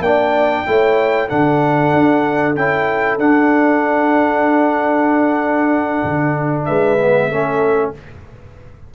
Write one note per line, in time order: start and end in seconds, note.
0.00 0.63 A#3
0.00 0.66 D4
0.00 0.66 D5
0.00 1.29 G5
0.66 1.30 A3
0.66 1.29 E4
0.66 1.28 C#5
1.28 1.93 D3
1.28 2.55 D4
1.28 6.65 A4
1.28 2.55 F#5
1.93 2.56 D4
2.56 3.18 C#4
2.56 3.20 E4
2.56 3.19 G5
3.18 6.02 D4
3.18 6.99 D4
3.18 6.65 F#5
6.03 6.66 D3
6.65 7.31 G#3
6.65 7.29 B4
6.65 7.91 E5
7.00 7.31 B3
7.29 7.94 A3
7.29 7.94 C#4
7.29 7.93 A4